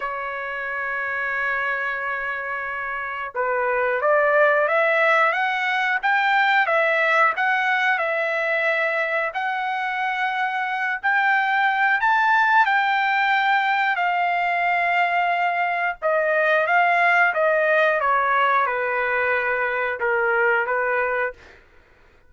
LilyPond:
\new Staff \with { instrumentName = "trumpet" } { \time 4/4 \tempo 4 = 90 cis''1~ | cis''4 b'4 d''4 e''4 | fis''4 g''4 e''4 fis''4 | e''2 fis''2~ |
fis''8 g''4. a''4 g''4~ | g''4 f''2. | dis''4 f''4 dis''4 cis''4 | b'2 ais'4 b'4 | }